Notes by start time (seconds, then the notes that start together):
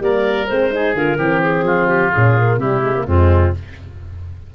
0.00 G3 A#3 A#4 D5
0.48 G#3 C4 C5
0.71 D#4 G#4
0.94 D3 F4 A#4
1.18 E3 C4 G4
1.42 G#4
1.63 F3 F4
1.88 G4
2.12 A#2 C#4 G#4
2.38 A#3
2.58 C3 G3 E4 G4
2.81 G#3
2.96 A#3
3.06 F2 G#3 C4 F4